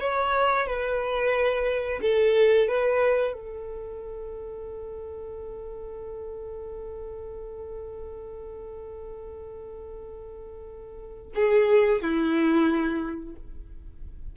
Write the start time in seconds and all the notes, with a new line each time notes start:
0.00 C#5
0.67 B4
2.02 A4
2.68 B4
3.33 A4
11.35 G#4
12.02 E4